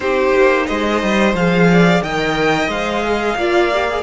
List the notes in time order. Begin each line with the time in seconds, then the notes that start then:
0.00 C4 D#4 G4 C5
0.36 A#3
0.66 G#3 C5 D#5
1.02 G3
1.33 F3 G#4 F5
1.72 D5
2.01 D#3 A#4 D#5 G5
2.67 G#3 C5 F5
3.04 G#4
3.36 A#3 F4 D5
3.73 G4
3.89 G#4